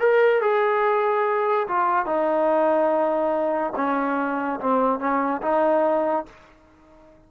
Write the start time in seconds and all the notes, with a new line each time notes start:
0.00 A#4
0.42 G#4
1.68 F4
2.06 D#4
3.76 C#4
4.60 C4
5.00 C#4
5.42 D#4